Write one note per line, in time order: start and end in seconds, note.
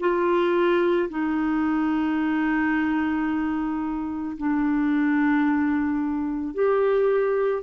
0.00 1.09 F4
1.10 4.37 D#4
4.37 6.54 D4
6.54 7.63 G4